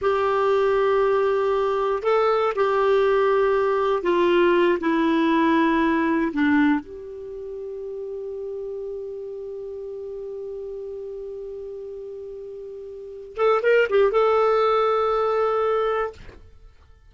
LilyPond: \new Staff \with { instrumentName = "clarinet" } { \time 4/4 \tempo 4 = 119 g'1 | a'4 g'2. | f'4. e'2~ e'8~ | e'8 d'4 g'2~ g'8~ |
g'1~ | g'1~ | g'2~ g'8 a'8 ais'8 g'8 | a'1 | }